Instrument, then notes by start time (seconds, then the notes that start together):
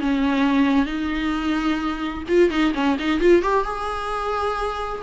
viola
0.00 C#4
0.86 D#4
2.28 F4
2.50 D#4
2.74 C#4
2.99 D#4
3.20 F4
3.42 G4
3.64 G#4